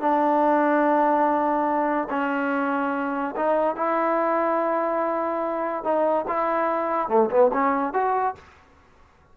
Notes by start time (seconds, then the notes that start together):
0.00 D4
2.10 C#4
3.36 D#4
3.76 E4
5.84 D#4
6.28 E4
7.09 A3
7.30 B3
7.53 C#4
7.93 F#4